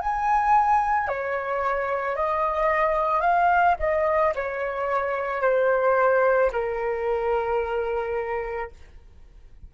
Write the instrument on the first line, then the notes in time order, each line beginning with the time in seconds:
flute
0.00 G#5
1.08 C#5
2.16 D#5
3.21 F5
3.79 D#5
4.35 C#5
5.41 C5
6.53 A#4